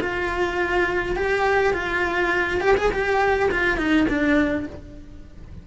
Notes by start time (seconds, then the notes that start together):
0.00 F4
1.16 G4
1.73 F4
2.61 G4
2.77 G#4
2.92 G4
3.51 F4
3.78 D#4
4.09 D4